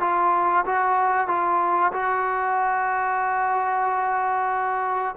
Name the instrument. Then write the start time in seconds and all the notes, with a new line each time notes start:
trombone
0.00 F4
0.65 F#4
1.27 F4
1.92 F#4